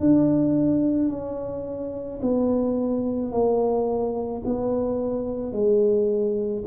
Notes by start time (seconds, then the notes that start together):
0.00 D4
1.09 C#4
2.22 B3
3.31 A#3
4.45 B3
5.52 G#3